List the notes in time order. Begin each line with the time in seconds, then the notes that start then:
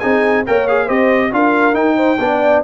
0.00 C4 D#4 G#4 G#5
0.46 A#3 A#4 C#5 G5
0.68 G#4 F5
0.85 C4 G4 C5 D#5
1.32 D4 F4 A#4 F5
1.74 D#4 G5
1.97 C5
2.20 B3 D4 D5